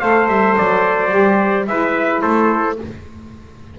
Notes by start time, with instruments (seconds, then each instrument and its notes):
0.00 double bass A3, saxophone A4, trumpet C5 F5
0.29 double bass G3, trumpet E5
0.58 double bass F#3, trumpet D5
1.10 double bass G3, saxophone G4
1.67 double bass G#3, saxophone E4, trumpet B4 E5
2.22 double bass A3, trumpet A4 C5